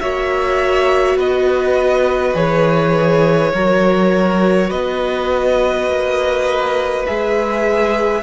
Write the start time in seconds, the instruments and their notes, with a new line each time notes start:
0.00 cello A#3, viola F#4, violin C#5 E5
1.16 cello B3, violin B4 D#5
2.34 cello E3, viola G#4, violin C#5
3.53 cello F#3, viola F#4, violin A#4
4.69 cello B3, violin B4 D#5
5.87 cello A#3
7.07 cello G#3, viola G#4, violin E5